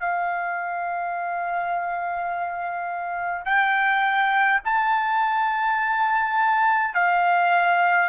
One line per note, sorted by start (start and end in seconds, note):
0.00 3.45 F5
3.45 4.60 G5
4.65 6.94 A5
6.94 8.09 F5